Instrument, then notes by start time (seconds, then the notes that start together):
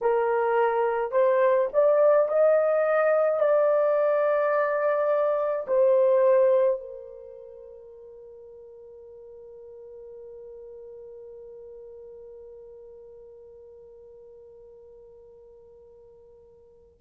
horn
0.01 A#4
1.11 C5
1.73 D5
2.28 D#5
3.40 D5
5.67 C5
6.79 A#4